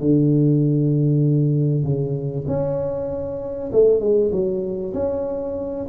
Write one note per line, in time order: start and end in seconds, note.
0.00 1.84 D3
1.84 2.45 C#3
2.47 3.71 C#4
3.73 4.00 A3
4.00 4.31 G#3
4.31 4.93 F#3
4.94 5.87 C#4